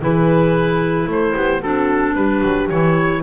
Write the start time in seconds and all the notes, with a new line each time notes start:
0.00 E3 E4 G#4 B4
1.06 A3 A4 C5
1.35 B3 G4
1.60 C4 D4 F#4 A4
2.15 G3 G4 B4
2.43 F#3
2.69 E3 E4 C#5